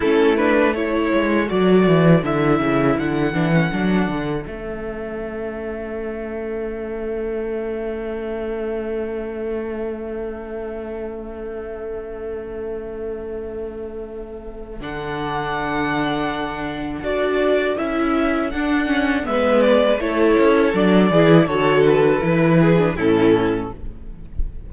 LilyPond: <<
  \new Staff \with { instrumentName = "violin" } { \time 4/4 \tempo 4 = 81 a'8 b'8 cis''4 d''4 e''4 | fis''2 e''2~ | e''1~ | e''1~ |
e''1 | fis''2. d''4 | e''4 fis''4 e''8 d''8 cis''4 | d''4 cis''8 b'4. a'4 | }
  \new Staff \with { instrumentName = "violin" } { \time 4/4 e'4 a'2.~ | a'1~ | a'1~ | a'1~ |
a'1~ | a'1~ | a'2 b'4 a'4~ | a'8 gis'8 a'4. gis'8 e'4 | }
  \new Staff \with { instrumentName = "viola" } { \time 4/4 cis'8 d'8 e'4 fis'4 e'4~ | e'8 d'16 cis'16 d'4 cis'2~ | cis'1~ | cis'1~ |
cis'1 | d'2. fis'4 | e'4 d'8 cis'8 b4 e'4 | d'8 e'8 fis'4 e'8. d'16 cis'4 | }
  \new Staff \with { instrumentName = "cello" } { \time 4/4 a4. gis8 fis8 e8 d8 cis8 | d8 e8 fis8 d8 a2~ | a1~ | a1~ |
a1 | d2. d'4 | cis'4 d'4 gis4 a8 cis'8 | fis8 e8 d4 e4 a,4 | }
>>